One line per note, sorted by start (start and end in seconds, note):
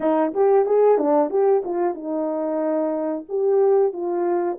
0.00 0.33 D#4
0.33 0.65 G4
0.65 0.98 G#4
0.98 1.30 D4
1.30 1.62 G4
1.64 1.94 F4
1.94 3.25 D#4
3.28 3.92 G4
3.92 4.57 F4